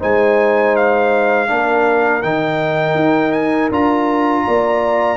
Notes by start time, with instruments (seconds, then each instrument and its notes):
0.00 tuba G#3, trombone D#4, horn C5, trumpet G#5
0.76 trumpet F5
1.48 tuba A#3, trombone D4, horn A#4
2.23 tuba D#3, trombone D#4, trumpet G5
2.95 tuba D#4
3.32 trumpet G#5
3.71 tuba D4, trombone F4, trumpet A#5
4.47 tuba A#3, horn D5